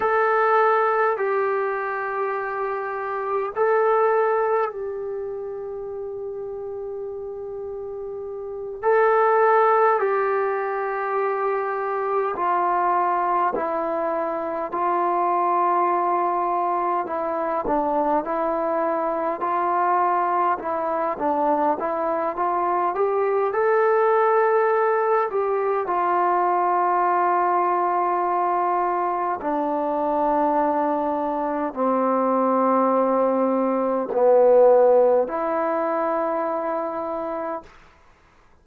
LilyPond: \new Staff \with { instrumentName = "trombone" } { \time 4/4 \tempo 4 = 51 a'4 g'2 a'4 | g'2.~ g'8 a'8~ | a'8 g'2 f'4 e'8~ | e'8 f'2 e'8 d'8 e'8~ |
e'8 f'4 e'8 d'8 e'8 f'8 g'8 | a'4. g'8 f'2~ | f'4 d'2 c'4~ | c'4 b4 e'2 | }